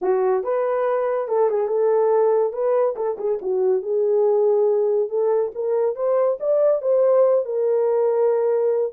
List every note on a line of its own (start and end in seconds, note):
0.01 0.43 F#4
0.43 1.28 B4
1.28 1.49 A4
1.49 1.67 G#4
1.67 2.52 A4
2.52 2.95 B4
2.96 3.17 A4
3.18 3.39 G#4
3.41 3.82 F#4
3.82 5.09 G#4
5.09 5.51 A4
5.54 5.95 A#4
5.95 6.38 C5
6.39 6.81 D5
6.81 7.45 C5
7.45 8.93 A#4